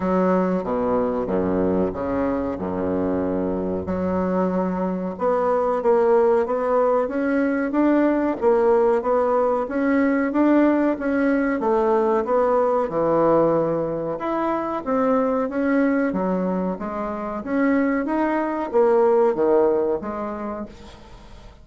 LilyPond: \new Staff \with { instrumentName = "bassoon" } { \time 4/4 \tempo 4 = 93 fis4 b,4 fis,4 cis4 | fis,2 fis2 | b4 ais4 b4 cis'4 | d'4 ais4 b4 cis'4 |
d'4 cis'4 a4 b4 | e2 e'4 c'4 | cis'4 fis4 gis4 cis'4 | dis'4 ais4 dis4 gis4 | }